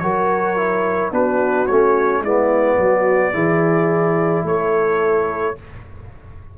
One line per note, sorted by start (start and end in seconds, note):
0.00 1.12 F#3
0.00 0.57 F#4
0.00 1.14 A#4
0.00 1.11 C#5
0.57 1.12 E4
1.12 1.68 B3
1.12 1.68 D4
1.12 2.22 F#4
1.12 1.67 B4
1.67 2.22 A3
1.67 2.25 C#4
1.67 2.22 C#5
2.22 2.78 G#3
2.22 3.34 B3
2.22 2.77 E4
2.22 4.47 D5
2.78 3.33 F#3
2.78 3.34 F#4
3.34 4.44 E3
3.34 5.56 E4
3.34 4.45 G#4
4.44 5.55 A3
4.44 5.58 A4
4.44 5.58 C#5